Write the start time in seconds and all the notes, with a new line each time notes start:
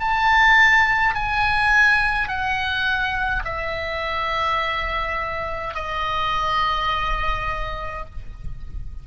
0.00 A5
1.15 G#5
2.28 F#5
3.44 E5
5.75 D#5